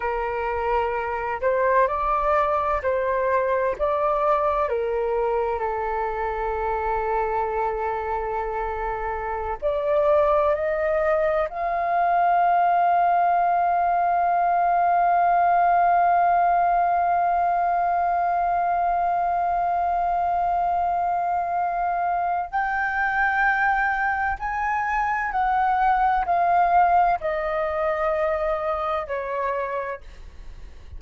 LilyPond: \new Staff \with { instrumentName = "flute" } { \time 4/4 \tempo 4 = 64 ais'4. c''8 d''4 c''4 | d''4 ais'4 a'2~ | a'2~ a'16 d''4 dis''8.~ | dis''16 f''2.~ f''8.~ |
f''1~ | f''1 | g''2 gis''4 fis''4 | f''4 dis''2 cis''4 | }